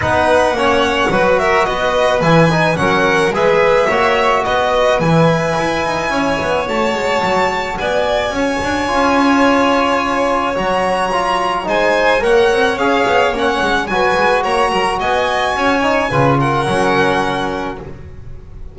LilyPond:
<<
  \new Staff \with { instrumentName = "violin" } { \time 4/4 \tempo 4 = 108 fis''2~ fis''8 e''8 dis''4 | gis''4 fis''4 e''2 | dis''4 gis''2. | a''2 gis''2~ |
gis''2. ais''4~ | ais''4 gis''4 fis''4 f''4 | fis''4 gis''4 ais''4 gis''4~ | gis''4. fis''2~ fis''8 | }
  \new Staff \with { instrumentName = "violin" } { \time 4/4 b'4 cis''4 b'8 ais'8 b'4~ | b'4 ais'4 b'4 cis''4 | b'2. cis''4~ | cis''2 d''4 cis''4~ |
cis''1~ | cis''4 c''4 cis''2~ | cis''4 b'4 cis''8 ais'8 dis''4 | cis''4 b'8 ais'2~ ais'8 | }
  \new Staff \with { instrumentName = "trombone" } { \time 4/4 dis'4 cis'4 fis'2 | e'8 dis'8 cis'4 gis'4 fis'4~ | fis'4 e'2. | fis'1 |
f'2. fis'4 | f'4 dis'4 ais'4 gis'4 | cis'4 fis'2.~ | fis'8 dis'8 f'4 cis'2 | }
  \new Staff \with { instrumentName = "double bass" } { \time 4/4 b4 ais4 fis4 b4 | e4 fis4 gis4 ais4 | b4 e4 e'8 dis'8 cis'8 b8 | a8 gis8 fis4 b4 cis'8 d'8 |
cis'2. fis4~ | fis4 gis4 ais8 c'8 cis'8 b8 | ais8 gis8 fis8 gis8 ais8 fis8 b4 | cis'4 cis4 fis2 | }
>>